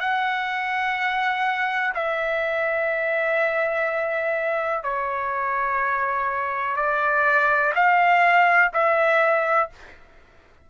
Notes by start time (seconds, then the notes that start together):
0.00 F#5
1.95 E5
4.83 C#5
6.76 D5
7.75 F5
8.73 E5